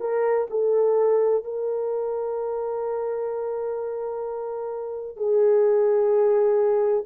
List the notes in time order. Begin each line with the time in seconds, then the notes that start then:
0.00 A#4
0.50 A4
1.44 A#4
5.16 G#4